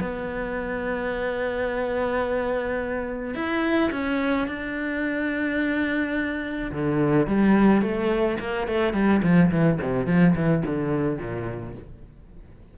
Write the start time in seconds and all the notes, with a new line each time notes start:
0.00 B3
3.35 E4
3.92 C#4
4.47 D4
6.72 D3
7.27 G3
7.82 A3
8.39 A#3
8.67 A3
8.94 G3
9.23 F3
9.51 E3
9.82 C3
10.07 F3
10.35 E3
10.66 D3
11.18 A#2